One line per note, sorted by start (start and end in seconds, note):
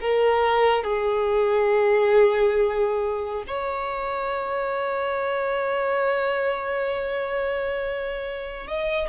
0.00 0.83 A#4
0.83 3.44 G#4
3.47 8.67 C#5
8.67 9.09 D#5